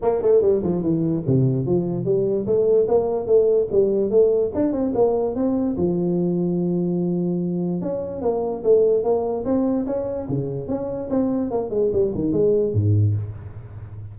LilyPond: \new Staff \with { instrumentName = "tuba" } { \time 4/4 \tempo 4 = 146 ais8 a8 g8 f8 e4 c4 | f4 g4 a4 ais4 | a4 g4 a4 d'8 c'8 | ais4 c'4 f2~ |
f2. cis'4 | ais4 a4 ais4 c'4 | cis'4 cis4 cis'4 c'4 | ais8 gis8 g8 dis8 gis4 gis,4 | }